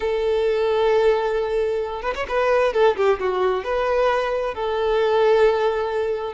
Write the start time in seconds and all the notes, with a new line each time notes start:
0.00 A4
2.02 B4
2.15 C#5
2.28 B4
2.73 A4
2.96 G4
3.19 F#4
3.63 B4
4.54 A4